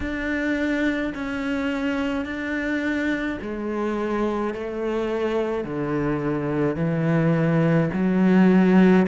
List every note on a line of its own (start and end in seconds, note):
0.00 1.13 D4
1.14 2.25 C#4
2.25 3.38 D4
3.41 4.54 G#3
4.54 5.64 A3
5.64 6.76 D3
6.76 7.89 E3
7.92 9.06 F#3